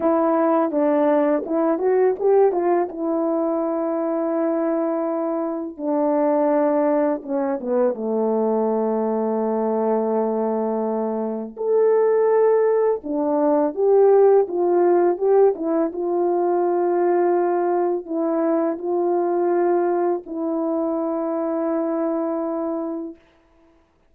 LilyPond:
\new Staff \with { instrumentName = "horn" } { \time 4/4 \tempo 4 = 83 e'4 d'4 e'8 fis'8 g'8 f'8 | e'1 | d'2 cis'8 b8 a4~ | a1 |
a'2 d'4 g'4 | f'4 g'8 e'8 f'2~ | f'4 e'4 f'2 | e'1 | }